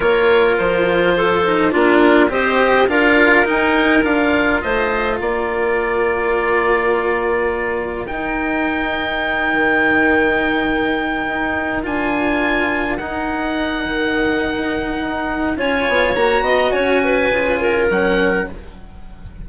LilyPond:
<<
  \new Staff \with { instrumentName = "oboe" } { \time 4/4 \tempo 4 = 104 cis''4 c''2 ais'4 | dis''4 f''4 g''4 f''4 | dis''4 d''2.~ | d''2 g''2~ |
g''1~ | g''8 gis''2 fis''4.~ | fis''2. gis''4 | ais''4 gis''2 fis''4 | }
  \new Staff \with { instrumentName = "clarinet" } { \time 4/4 ais'2 a'4 f'4 | c''4 ais'2. | c''4 ais'2.~ | ais'1~ |
ais'1~ | ais'1~ | ais'2. cis''4~ | cis''8 dis''8 cis''8 b'4 ais'4. | }
  \new Staff \with { instrumentName = "cello" } { \time 4/4 f'2~ f'8 dis'8 d'4 | g'4 f'4 dis'4 f'4~ | f'1~ | f'2 dis'2~ |
dis'1~ | dis'8 f'2 dis'4.~ | dis'2. f'4 | fis'2 f'4 cis'4 | }
  \new Staff \with { instrumentName = "bassoon" } { \time 4/4 ais4 f2 ais4 | c'4 d'4 dis'4 d'4 | a4 ais2.~ | ais2 dis'2~ |
dis'8 dis2. dis'8~ | dis'8 d'2 dis'4. | dis2 dis'4 cis'8 b8 | ais8 b8 cis'4 cis4 fis4 | }
>>